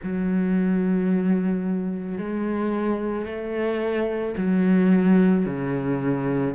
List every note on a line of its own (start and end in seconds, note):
0.03 2.18 F#3
2.18 3.25 G#3
3.25 4.34 A3
4.37 5.45 F#3
5.45 6.54 C#3